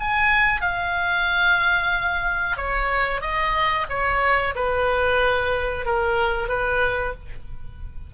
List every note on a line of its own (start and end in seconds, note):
0.00 0.61 G#5
0.61 2.57 F5
2.57 3.21 C#5
3.21 3.86 D#5
3.89 4.54 C#5
4.55 5.85 B4
5.85 6.48 A#4
6.48 7.14 B4